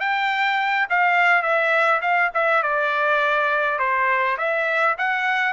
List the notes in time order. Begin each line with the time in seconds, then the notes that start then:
0.00 G5
0.89 F5
1.42 E5
2.02 F5
2.34 E5
2.63 D5
3.79 C5
4.37 E5
4.98 F#5